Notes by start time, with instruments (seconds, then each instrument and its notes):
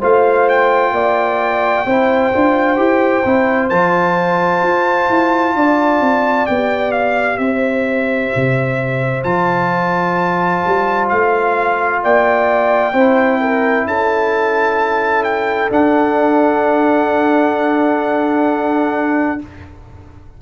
0.00 tuba A3, trombone F4, horn C5, trumpet F5
0.49 trumpet G5
0.93 tuba A#3, horn D5
1.86 tuba C4, trombone E4, horn C5
2.34 tuba D4, trombone F4
2.77 tuba E4, trombone G4
3.25 tuba C4, trombone E4
3.70 tuba F3, trombone F4, trumpet A5
4.63 tuba F4
5.10 tuba E4
5.55 tuba D4, horn D5
6.01 tuba C4
6.47 tuba B3, trombone G4, trumpet G5
6.92 trumpet F5
7.38 tuba C4, horn C5, trumpet E5
8.36 tuba C3
9.24 tuba F3, trombone F4, trumpet A5
10.67 tuba G3
11.10 tuba A3, trumpet F5
12.03 tuba A#3, horn D5, trumpet G5
12.94 tuba C4, trombone E4, horn C5
13.41 horn A#4
13.86 tuba C#4, horn A4, trumpet A5
15.24 trumpet G5
15.70 trombone D4, tuba D4, trumpet F#5